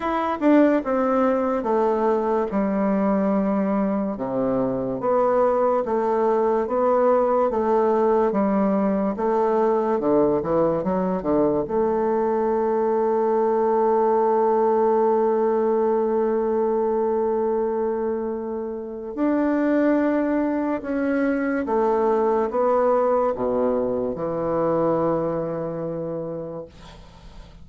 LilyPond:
\new Staff \with { instrumentName = "bassoon" } { \time 4/4 \tempo 4 = 72 e'8 d'8 c'4 a4 g4~ | g4 c4 b4 a4 | b4 a4 g4 a4 | d8 e8 fis8 d8 a2~ |
a1~ | a2. d'4~ | d'4 cis'4 a4 b4 | b,4 e2. | }